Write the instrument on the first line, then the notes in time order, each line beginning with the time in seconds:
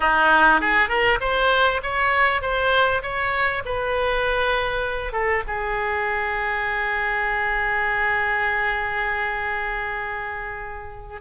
oboe
0.00 D#4
0.61 G#4
0.88 A#4
1.20 C5
1.82 C#5
2.41 C5
3.02 C#5
3.65 B4
5.12 A4
5.47 G#4